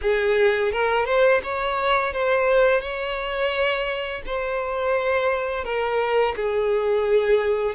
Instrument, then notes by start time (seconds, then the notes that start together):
violin
0.01 G#4
0.72 A#4
1.05 C5
1.43 C#5
2.13 C5
2.80 C#5
4.25 C5
5.64 A#4
6.36 G#4